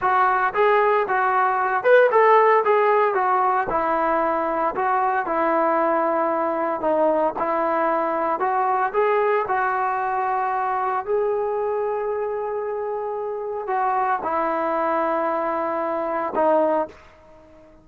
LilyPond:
\new Staff \with { instrumentName = "trombone" } { \time 4/4 \tempo 4 = 114 fis'4 gis'4 fis'4. b'8 | a'4 gis'4 fis'4 e'4~ | e'4 fis'4 e'2~ | e'4 dis'4 e'2 |
fis'4 gis'4 fis'2~ | fis'4 gis'2.~ | gis'2 fis'4 e'4~ | e'2. dis'4 | }